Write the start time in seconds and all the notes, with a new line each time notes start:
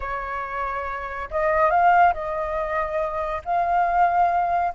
0.00 C#5
1.31 D#5
1.70 F5
2.13 D#5
3.44 F5